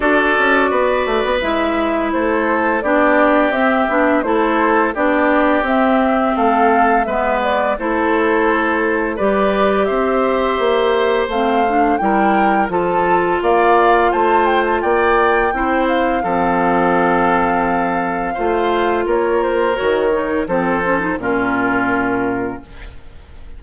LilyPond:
<<
  \new Staff \with { instrumentName = "flute" } { \time 4/4 \tempo 4 = 85 d''2 e''4 c''4 | d''4 e''4 c''4 d''4 | e''4 f''4 e''8 d''8 c''4~ | c''4 d''4 e''2 |
f''4 g''4 a''4 f''4 | a''8 g''16 a''16 g''4. f''4.~ | f''2. cis''8 c''8 | cis''4 c''4 ais'2 | }
  \new Staff \with { instrumentName = "oboe" } { \time 4/4 a'4 b'2 a'4 | g'2 a'4 g'4~ | g'4 a'4 b'4 a'4~ | a'4 b'4 c''2~ |
c''4 ais'4 a'4 d''4 | c''4 d''4 c''4 a'4~ | a'2 c''4 ais'4~ | ais'4 a'4 f'2 | }
  \new Staff \with { instrumentName = "clarinet" } { \time 4/4 fis'2 e'2 | d'4 c'8 d'8 e'4 d'4 | c'2 b4 e'4~ | e'4 g'2. |
c'8 d'8 e'4 f'2~ | f'2 e'4 c'4~ | c'2 f'2 | fis'8 dis'8 c'8 cis'16 dis'16 cis'2 | }
  \new Staff \with { instrumentName = "bassoon" } { \time 4/4 d'8 cis'8 b8 a16 b16 gis4 a4 | b4 c'8 b8 a4 b4 | c'4 a4 gis4 a4~ | a4 g4 c'4 ais4 |
a4 g4 f4 ais4 | a4 ais4 c'4 f4~ | f2 a4 ais4 | dis4 f4 ais,2 | }
>>